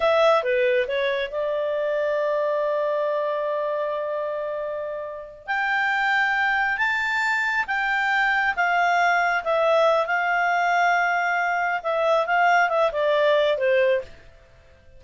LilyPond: \new Staff \with { instrumentName = "clarinet" } { \time 4/4 \tempo 4 = 137 e''4 b'4 cis''4 d''4~ | d''1~ | d''1~ | d''8 g''2. a''8~ |
a''4. g''2 f''8~ | f''4. e''4. f''4~ | f''2. e''4 | f''4 e''8 d''4. c''4 | }